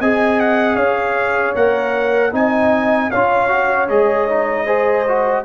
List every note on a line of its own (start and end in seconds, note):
0.00 0.76 C4
0.00 1.56 G#4
0.00 0.76 D#5
0.00 0.40 G#5
0.40 0.76 F#5
0.76 1.54 C#4
0.76 2.32 C#5
0.76 1.54 F5
1.55 2.33 A#3
1.55 2.32 A#4
1.55 2.33 F#5
2.32 3.11 C4
2.32 3.10 D#4
2.32 3.11 D#5
2.32 3.11 G#5
3.11 3.89 C#4
3.11 3.49 F4
3.11 4.66 C#5
3.11 3.88 F5
3.49 3.88 F#4
3.89 5.44 G#3
3.89 4.28 G#4
3.89 5.44 D#5
4.29 4.66 D#4
4.66 5.05 G#4
4.66 5.44 C5
5.08 5.44 F#4